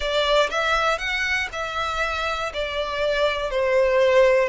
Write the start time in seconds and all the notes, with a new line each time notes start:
0.00 D5
0.50 E5
0.98 F#5
1.52 E5
2.53 D5
3.50 C5